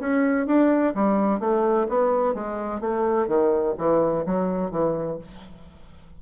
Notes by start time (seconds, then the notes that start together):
0.00 C#4
0.47 D4
0.94 G3
1.40 A3
1.89 B3
2.34 G#3
2.81 A3
3.27 D#3
3.78 E3
4.26 F#3
4.71 E3